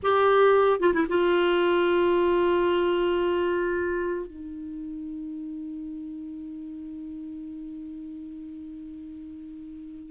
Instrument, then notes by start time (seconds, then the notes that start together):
clarinet
0.03 G4
0.80 F4
0.93 E4
1.08 F4
4.26 D#4